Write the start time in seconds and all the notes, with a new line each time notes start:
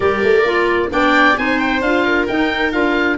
0.00 G3 G4 A#4 D5
0.23 A3
0.44 A#3 F4
0.89 B3 D4 D5 G5
1.36 C4 D#4 C5 G#5
1.59 G5
1.81 D4 F4 F5
2.04 A#4
2.27 D#4 G5
2.71 D4 F4 F5